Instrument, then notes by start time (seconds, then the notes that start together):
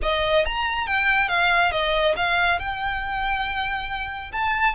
violin
0.02 D#5
0.45 A#5
0.86 G5
1.28 F5
1.71 D#5
2.16 F5
2.59 G5
4.31 A5